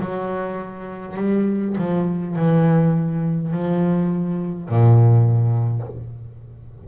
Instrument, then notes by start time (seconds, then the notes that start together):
double bass
0.00 F#3
1.17 G3
1.78 F3
2.36 E3
3.51 F3
4.69 A#2